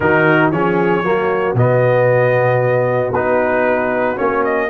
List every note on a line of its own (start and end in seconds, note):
0.00 0.51 D#3
0.00 0.53 D#4
0.00 0.52 F#4
0.00 0.50 A#4
0.51 1.03 F3
0.51 1.03 C#4
0.51 1.04 G#4
0.51 1.56 C#5
1.03 1.54 F#3
1.03 1.55 A#3
1.03 4.69 F#4
1.54 3.11 B2
1.54 3.13 B3
1.54 3.13 D#5
3.11 4.15 B3
3.11 4.16 D#4
3.11 4.17 B4
4.16 4.69 A#3
4.16 4.68 C#4
4.16 4.43 C#5
4.44 4.69 D#5